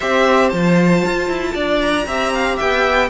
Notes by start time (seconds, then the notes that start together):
0.00 C4 G4 C5 E5
0.49 F3 F4 A5
1.05 F4
1.29 E4
1.54 D4 D5
1.81 A#5
2.06 C4 G4 E5
2.34 F5
2.56 B3 E5 G5